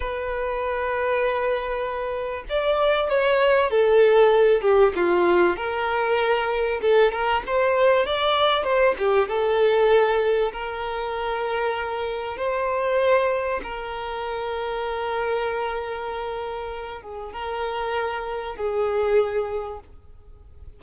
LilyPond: \new Staff \with { instrumentName = "violin" } { \time 4/4 \tempo 4 = 97 b'1 | d''4 cis''4 a'4. g'8 | f'4 ais'2 a'8 ais'8 | c''4 d''4 c''8 g'8 a'4~ |
a'4 ais'2. | c''2 ais'2~ | ais'2.~ ais'8 gis'8 | ais'2 gis'2 | }